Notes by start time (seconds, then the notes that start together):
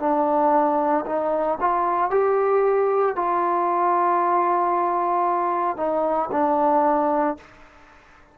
0.00 D4
1.06 D#4
1.61 F4
2.11 G4
3.16 F4
5.78 D#4
6.32 D4